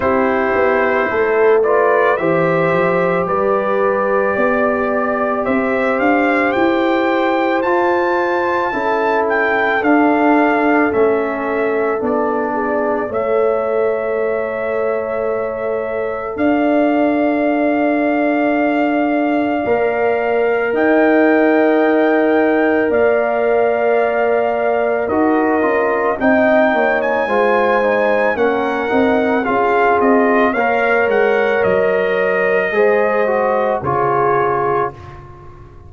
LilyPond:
<<
  \new Staff \with { instrumentName = "trumpet" } { \time 4/4 \tempo 4 = 55 c''4. d''8 e''4 d''4~ | d''4 e''8 f''8 g''4 a''4~ | a''8 g''8 f''4 e''4 d''4 | e''2. f''4~ |
f''2. g''4~ | g''4 f''2 dis''4 | g''8. gis''4~ gis''16 fis''4 f''8 dis''8 | f''8 fis''8 dis''2 cis''4 | }
  \new Staff \with { instrumentName = "horn" } { \time 4/4 g'4 a'8 b'8 c''4 b'4 | d''4 c''2. | a'2.~ a'8 gis'8 | cis''2. d''4~ |
d''2. dis''4~ | dis''4 d''2 ais'4 | dis''8 cis''8 c''4 ais'4 gis'4 | cis''2 c''4 gis'4 | }
  \new Staff \with { instrumentName = "trombone" } { \time 4/4 e'4. f'8 g'2~ | g'2. f'4 | e'4 d'4 cis'4 d'4 | a'1~ |
a'2 ais'2~ | ais'2. fis'8 f'8 | dis'4 f'8 dis'8 cis'8 dis'8 f'4 | ais'2 gis'8 fis'8 f'4 | }
  \new Staff \with { instrumentName = "tuba" } { \time 4/4 c'8 b8 a4 e8 f8 g4 | b4 c'8 d'8 e'4 f'4 | cis'4 d'4 a4 b4 | a2. d'4~ |
d'2 ais4 dis'4~ | dis'4 ais2 dis'8 cis'8 | c'8 ais8 gis4 ais8 c'8 cis'8 c'8 | ais8 gis8 fis4 gis4 cis4 | }
>>